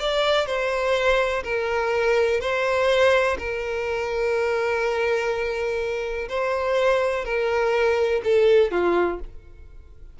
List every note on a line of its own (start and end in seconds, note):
0.00 0.47 D5
0.47 1.43 C5
1.44 2.41 A#4
2.41 3.38 C5
3.38 6.29 A#4
6.29 7.25 C5
7.25 8.22 A#4
8.24 8.71 A4
8.71 9.20 F4